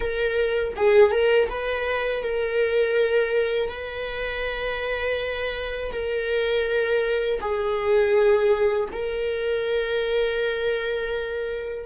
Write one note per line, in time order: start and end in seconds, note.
0.00 0.74 A#4
0.76 1.11 G#4
1.11 1.48 A#4
1.49 2.22 B4
2.22 3.69 A#4
3.69 5.91 B4
5.92 7.40 A#4
7.40 8.89 G#4
8.92 11.85 A#4